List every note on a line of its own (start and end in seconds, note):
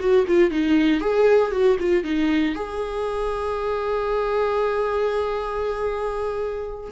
0.00 0.26 F#4
0.28 0.51 F4
0.51 1.01 D#4
1.01 1.52 G#4
1.52 1.77 F#4
1.80 2.04 F4
2.04 2.55 D#4
2.55 6.91 G#4